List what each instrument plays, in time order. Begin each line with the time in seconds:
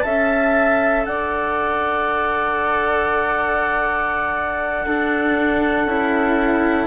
0.00 bassoon C#4, cello A4, flute E5, clarinet A5
1.04 bassoon D4, flute D5, clarinet F#5
4.86 cello D4, flute A4
5.84 bassoon C#4, cello E4